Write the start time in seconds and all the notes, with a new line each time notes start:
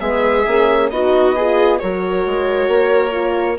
0.00 G#3 B3 G#4 E5
0.47 A#3 C#4
0.90 B3 D#4 F#4 D#5
1.36 F4 G#4
1.79 F#3 F#4 A#4 C#5
2.26 G#3
2.68 A#3
3.12 F4